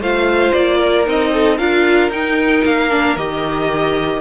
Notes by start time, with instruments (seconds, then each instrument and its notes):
0.00 cello A3, viola F4, violin C5 F5
0.54 cello A#3, violin D5
0.78 violin A#4
1.06 cello C4, viola D#4, violin D#5
1.33 violin A4
1.58 cello D4, viola F4, violin A#4 F5
2.10 cello D#4, viola D#4, violin G5
2.65 cello A#3, violin F5
2.91 viola D4
3.17 cello D#3, viola G4, violin D#5